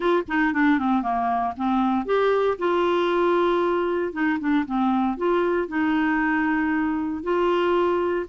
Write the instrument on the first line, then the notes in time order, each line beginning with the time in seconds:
clarinet
0.00 F4
0.28 D#4
0.53 D4
0.78 C4
1.02 A#3
1.57 C4
2.05 G4
2.58 F4
4.12 D#4
4.39 D4
4.66 C4
5.17 F4
5.68 D#4
7.23 F4